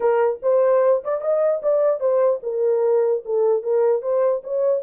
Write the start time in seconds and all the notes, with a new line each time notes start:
0.00 A#4
0.42 C5
1.04 D5
1.21 D#5
1.62 D5
2.00 C5
2.43 A#4
3.25 A4
3.63 A#4
4.01 C5
4.43 C#5